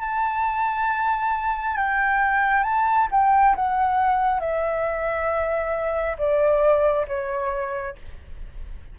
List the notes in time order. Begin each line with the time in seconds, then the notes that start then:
0.00 A5
1.76 G5
2.63 A5
3.11 G5
3.55 F#5
4.40 E5
6.18 D5
7.07 C#5